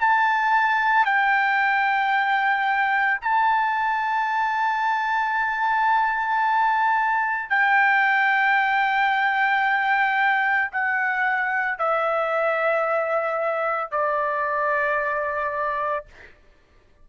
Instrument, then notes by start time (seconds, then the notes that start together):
trumpet
0.00 A5
1.05 G5
3.21 A5
7.50 G5
10.71 F#5
11.78 E5
13.91 D5